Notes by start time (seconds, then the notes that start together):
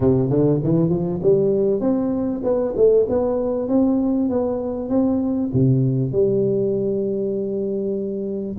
0.00 C3
0.29 D3
0.63 E3
0.89 F3
1.22 G3
1.80 C4
2.43 B3
2.76 A3
3.09 B3
3.68 C4
4.29 B3
4.89 C4
5.53 C3
6.11 G3